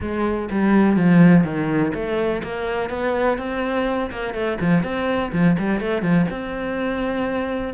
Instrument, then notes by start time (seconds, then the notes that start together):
cello
0.00 G#3
0.51 G3
0.96 F3
1.44 D#3
1.94 A3
2.43 A#3
2.89 B3
3.38 C4
4.10 A#3
4.34 A3
4.60 F3
4.83 C4
5.32 F3
5.58 G3
5.80 A3
6.02 F3
6.30 C4